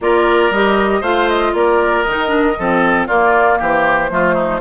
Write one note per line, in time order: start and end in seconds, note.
0.00 0.50 A#3
0.00 0.52 F4
0.00 1.00 A#4
0.00 0.52 D5
0.50 1.01 G3
0.50 1.03 G4
0.50 1.03 D#5
1.00 1.53 A3
1.00 2.05 F4
1.00 1.52 C5
1.00 1.29 F5
1.29 1.54 D#5
1.53 2.04 A#3
1.53 2.58 A#4
1.53 2.02 D5
2.02 2.57 D#3
2.02 3.05 D#5
2.08 2.27 D#4
2.27 2.53 D4
2.58 3.08 F3
2.58 3.09 C4
2.58 3.07 A4
3.07 3.59 A#3
3.07 4.09 A#3
3.07 3.58 F4
3.07 3.58 D5
3.58 4.10 E3
3.58 4.10 G4
3.58 4.61 C5
4.09 4.61 F3
4.09 4.61 A3
4.09 4.34 F4
4.34 4.60 D#4